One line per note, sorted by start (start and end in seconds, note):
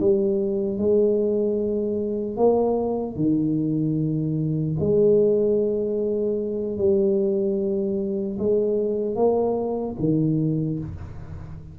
0.00 0.78 G3
0.78 2.37 G#3
2.37 3.16 A#3
3.16 4.76 D#3
4.80 6.77 G#3
6.77 8.37 G3
8.39 9.16 G#3
9.16 9.96 A#3
9.99 10.79 D#3